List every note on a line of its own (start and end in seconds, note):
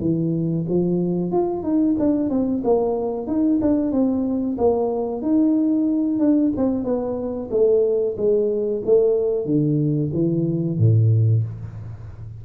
0.00 0.65 E3
0.69 1.31 F3
1.31 1.63 F4
1.63 1.95 D#4
1.99 2.30 D4
2.30 2.62 C4
2.64 3.27 A#3
3.27 3.59 D#4
3.61 3.92 D4
3.92 4.57 C4
4.58 5.22 A#3
5.22 6.19 D#4
6.19 6.52 D4
6.56 6.84 C4
6.84 7.49 B3
7.51 8.16 A3
8.17 8.82 G#3
8.85 9.45 A3
9.45 10.10 D3
10.13 10.78 E3
10.78 11.43 A2